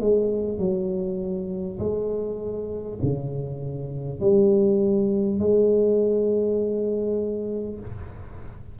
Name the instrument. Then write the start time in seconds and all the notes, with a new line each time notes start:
tuba
0.00 G#3
0.59 F#3
1.79 G#3
3.03 C#3
4.21 G3
5.39 G#3